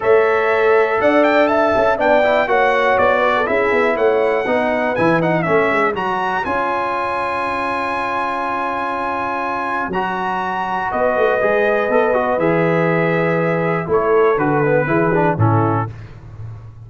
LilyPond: <<
  \new Staff \with { instrumentName = "trumpet" } { \time 4/4 \tempo 4 = 121 e''2 fis''8 g''8 a''4 | g''4 fis''4 d''4 e''4 | fis''2 gis''8 fis''8 e''4 | ais''4 gis''2.~ |
gis''1 | ais''2 dis''2~ | dis''4 e''2. | cis''4 b'2 a'4 | }
  \new Staff \with { instrumentName = "horn" } { \time 4/4 cis''2 d''4 e''4 | d''4 cis''4. b'16 a'16 gis'4 | cis''4 b'2 cis''4~ | cis''1~ |
cis''1~ | cis''2 b'2~ | b'1 | a'2 gis'4 e'4 | }
  \new Staff \with { instrumentName = "trombone" } { \time 4/4 a'1 | d'8 e'8 fis'2 e'4~ | e'4 dis'4 e'8 dis'8 cis'4 | fis'4 f'2.~ |
f'1 | fis'2. gis'4 | a'8 fis'8 gis'2. | e'4 fis'8 b8 e'8 d'8 cis'4 | }
  \new Staff \with { instrumentName = "tuba" } { \time 4/4 a2 d'4. cis'8 | b4 ais4 b4 cis'8 b8 | a4 b4 e4 a8 gis8 | fis4 cis'2.~ |
cis'1 | fis2 b8 a8 gis4 | b4 e2. | a4 d4 e4 a,4 | }
>>